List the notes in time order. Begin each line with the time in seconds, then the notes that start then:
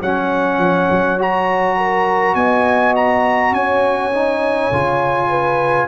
0.00 F#3 C#4 C#5 F#5
0.58 F3
0.90 F#3
1.18 F#4 A#5
1.77 A#4
2.35 B3 D#5 G#5
2.96 A#5
3.52 C#4 C#5 G#5
4.14 D#4
4.71 C#3 F4
5.29 B4